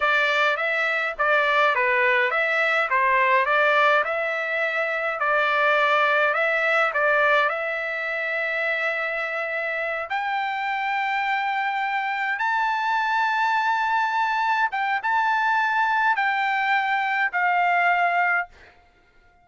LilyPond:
\new Staff \with { instrumentName = "trumpet" } { \time 4/4 \tempo 4 = 104 d''4 e''4 d''4 b'4 | e''4 c''4 d''4 e''4~ | e''4 d''2 e''4 | d''4 e''2.~ |
e''4. g''2~ g''8~ | g''4. a''2~ a''8~ | a''4. g''8 a''2 | g''2 f''2 | }